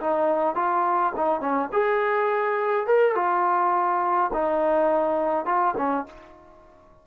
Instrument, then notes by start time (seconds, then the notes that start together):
trombone
0.00 D#4
0.55 F4
1.16 D#4
1.40 C#4
1.72 G#4
2.86 A#4
3.15 F4
4.33 D#4
5.45 F4
5.77 C#4